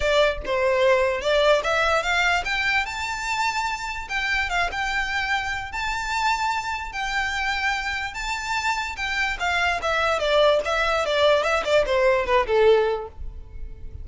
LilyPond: \new Staff \with { instrumentName = "violin" } { \time 4/4 \tempo 4 = 147 d''4 c''2 d''4 | e''4 f''4 g''4 a''4~ | a''2 g''4 f''8 g''8~ | g''2 a''2~ |
a''4 g''2. | a''2 g''4 f''4 | e''4 d''4 e''4 d''4 | e''8 d''8 c''4 b'8 a'4. | }